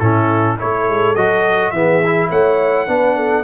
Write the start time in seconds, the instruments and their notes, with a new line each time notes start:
0.00 tuba A2, trombone C#4, horn E4, trumpet A4
0.58 tuba A3, trombone E4, horn A4, trumpet C#5
0.89 tuba G#3
1.16 tuba F#3, trombone F#4, trumpet D#5
1.71 tuba E3, trombone B3, horn G#4, trumpet E5
2.05 trombone E4
2.29 tuba A3, horn C#5, trumpet F#5
2.88 tuba B3, trombone D4, horn B4
3.16 horn A4